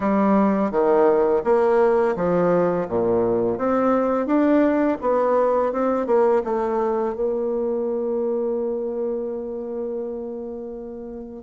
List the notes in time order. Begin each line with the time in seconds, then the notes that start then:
0.00 G3
0.71 D#3
1.44 A#3
2.16 F3
2.88 A#2
3.57 C4
4.26 D4
5.01 B3
5.72 C4
6.06 A#3
6.44 A3
7.15 A#3